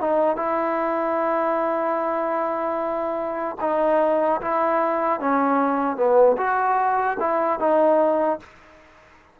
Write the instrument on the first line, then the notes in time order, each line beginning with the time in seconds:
trombone
0.00 D#4
0.36 E4
3.61 D#4
4.41 E4
5.20 C#4
5.96 B3
6.37 F#4
7.20 E4
7.60 D#4